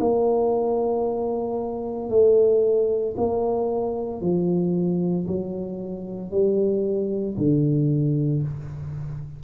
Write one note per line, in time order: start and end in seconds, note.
0.00 2.10 A#3
2.10 3.15 A3
3.17 4.21 A#3
4.21 5.26 F3
5.27 6.31 F#3
6.31 7.36 G3
7.38 8.43 D3